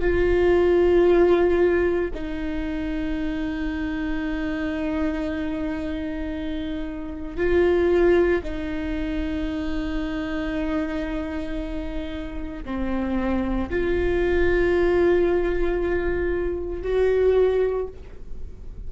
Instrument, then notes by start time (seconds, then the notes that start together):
viola
0.00 F4
2.13 D#4
7.36 F4
8.43 D#4
12.64 C4
13.69 F4
16.82 F#4